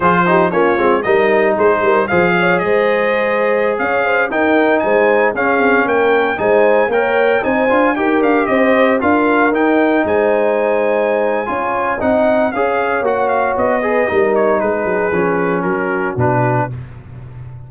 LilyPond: <<
  \new Staff \with { instrumentName = "trumpet" } { \time 4/4 \tempo 4 = 115 c''4 cis''4 dis''4 c''4 | f''4 dis''2~ dis''16 f''8.~ | f''16 g''4 gis''4 f''4 g''8.~ | g''16 gis''4 g''4 gis''4 g''8 f''16~ |
f''16 dis''4 f''4 g''4 gis''8.~ | gis''2. fis''4 | f''4 fis''8 f''8 dis''4. cis''8 | b'2 ais'4 b'4 | }
  \new Staff \with { instrumentName = "horn" } { \time 4/4 gis'8 g'8 f'4 ais'4 gis'8 ais'8 | c''8 cis''8 c''2~ c''16 cis''8 c''16~ | c''16 ais'4 c''4 gis'4 ais'8.~ | ais'16 c''4 cis''4 c''4 ais'8.~ |
ais'16 c''4 ais'2 c''8.~ | c''2 cis''4 dis''4 | cis''2~ cis''8 b'8 ais'4 | gis'2 fis'2 | }
  \new Staff \with { instrumentName = "trombone" } { \time 4/4 f'8 dis'8 cis'8 c'8 dis'2 | gis'1~ | gis'16 dis'2 cis'4.~ cis'16~ | cis'16 dis'4 ais'4 dis'8 f'8 g'8.~ |
g'4~ g'16 f'4 dis'4.~ dis'16~ | dis'2 f'4 dis'4 | gis'4 fis'4. gis'8 dis'4~ | dis'4 cis'2 d'4 | }
  \new Staff \with { instrumentName = "tuba" } { \time 4/4 f4 ais8 gis8 g4 gis8 g8 | f4 gis2~ gis16 cis'8.~ | cis'16 dis'4 gis4 cis'8 c'8 ais8.~ | ais16 gis4 ais4 c'8 d'8 dis'8 d'16~ |
d'16 c'4 d'4 dis'4 gis8.~ | gis2 cis'4 c'4 | cis'4 ais4 b4 g4 | gis8 fis8 f4 fis4 b,4 | }
>>